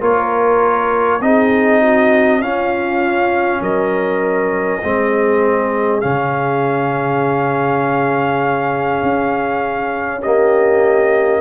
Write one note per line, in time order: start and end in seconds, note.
0.00 1.20 A#3
0.00 1.20 F4
0.00 1.20 A#4
0.00 1.21 C#5
1.21 2.40 C4
1.21 2.42 D#4
1.21 1.81 G#4
1.21 2.41 D#5
1.81 2.41 F#4
2.40 3.60 C#4
2.40 4.82 C#4
2.40 3.61 F4
2.40 3.61 F5
3.61 4.81 F#3
3.61 4.81 A#4
3.61 6.00 D#5
4.82 6.04 G#3
4.82 6.01 C4
4.82 10.21 G#4
6.00 9.02 C#3
6.00 10.21 C#4
6.00 10.20 F5
9.02 11.41 C#4
10.21 11.41 A#3
10.21 11.40 G4
10.21 11.41 D#5